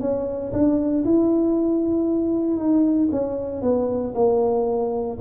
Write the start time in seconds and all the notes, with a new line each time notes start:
0.00 C#4
0.52 D4
1.04 E4
2.57 D#4
3.11 C#4
3.62 B3
4.14 A#3